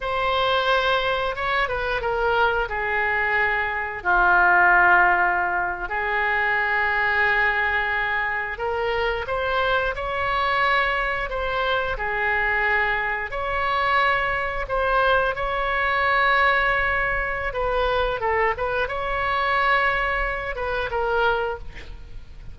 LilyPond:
\new Staff \with { instrumentName = "oboe" } { \time 4/4 \tempo 4 = 89 c''2 cis''8 b'8 ais'4 | gis'2 f'2~ | f'8. gis'2.~ gis'16~ | gis'8. ais'4 c''4 cis''4~ cis''16~ |
cis''8. c''4 gis'2 cis''16~ | cis''4.~ cis''16 c''4 cis''4~ cis''16~ | cis''2 b'4 a'8 b'8 | cis''2~ cis''8 b'8 ais'4 | }